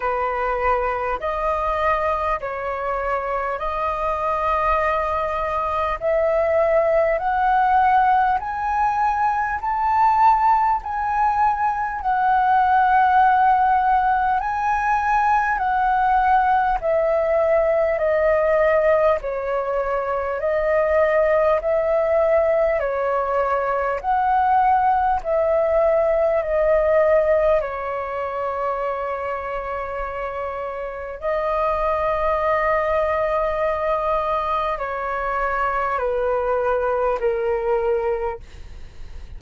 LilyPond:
\new Staff \with { instrumentName = "flute" } { \time 4/4 \tempo 4 = 50 b'4 dis''4 cis''4 dis''4~ | dis''4 e''4 fis''4 gis''4 | a''4 gis''4 fis''2 | gis''4 fis''4 e''4 dis''4 |
cis''4 dis''4 e''4 cis''4 | fis''4 e''4 dis''4 cis''4~ | cis''2 dis''2~ | dis''4 cis''4 b'4 ais'4 | }